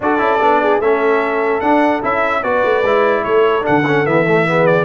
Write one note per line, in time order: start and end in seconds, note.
0.00 0.20 D4
0.00 0.18 F#4
0.00 0.62 A4
0.00 0.81 D5
0.18 0.40 C#4
0.18 0.38 E4
0.40 0.80 B3
0.40 0.81 D4
0.62 0.79 G#4
0.79 1.61 A3
0.79 1.61 C#4
0.79 2.41 A4
0.79 1.60 E5
1.60 2.02 D4
1.60 2.01 F#5
2.02 2.43 C#4
2.02 2.43 E4
2.02 2.43 E5
2.41 2.64 B3
2.41 2.83 F#4
2.41 3.23 B4
2.41 3.24 D5
2.64 2.83 A3
2.83 3.23 G#3
2.83 3.61 E4
3.23 3.65 A3
3.23 4.44 A4
3.23 3.64 C#5
3.61 3.81 D4
3.61 4.05 F#5
3.69 4.06 D3
3.86 4.05 C#4
4.05 4.84 E3
4.05 4.25 B3
4.05 4.66 E5
4.27 4.46 A3
4.46 4.84 B3
4.46 4.84 G#4
4.66 4.84 D5